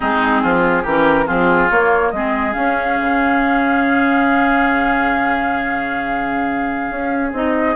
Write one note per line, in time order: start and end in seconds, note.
0.00 0.43 G#3
0.00 0.85 C4
0.00 0.42 D#4
0.00 0.85 G#4
0.43 0.85 F3
0.43 0.82 F4
0.82 1.27 E3
0.82 1.26 C#4
0.82 1.25 G4
0.82 1.27 A#4
1.26 1.70 F3
1.26 1.69 C4
1.26 2.11 F4
1.26 1.69 G#4
1.70 2.13 A#3
1.70 2.12 A#3
1.70 2.10 C#5
2.10 2.55 G#3
2.10 2.51 C4
2.10 7.75 G#4
2.10 2.52 D#5
2.51 7.30 C#4
2.51 2.98 C#4
2.51 7.31 F5
2.99 6.90 C#3
6.90 7.32 C#4
7.32 7.75 C4
7.32 7.75 D#4
7.32 7.75 D#5